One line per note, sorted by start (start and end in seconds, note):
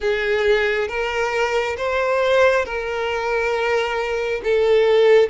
0.00 0.88 G#4
0.88 1.76 A#4
1.76 2.65 C5
2.65 4.41 A#4
4.44 5.29 A4